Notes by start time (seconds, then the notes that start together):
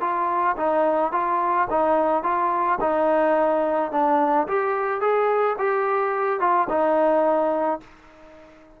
0.00 F4
0.57 D#4
1.12 F4
1.69 D#4
2.23 F4
2.80 D#4
3.91 D4
4.47 G4
5.01 G#4
5.58 G4
6.39 F4
6.69 D#4